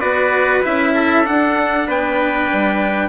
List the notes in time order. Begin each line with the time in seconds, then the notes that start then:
0.00 B3 F#4 B4 D5
0.63 C#4 E4 E5
0.95 A4
1.24 D4 F#5
1.87 B3 B4 G5
2.52 G3